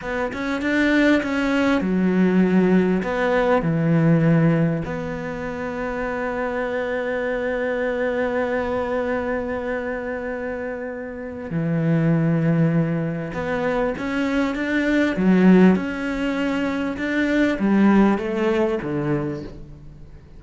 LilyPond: \new Staff \with { instrumentName = "cello" } { \time 4/4 \tempo 4 = 99 b8 cis'8 d'4 cis'4 fis4~ | fis4 b4 e2 | b1~ | b1~ |
b2. e4~ | e2 b4 cis'4 | d'4 fis4 cis'2 | d'4 g4 a4 d4 | }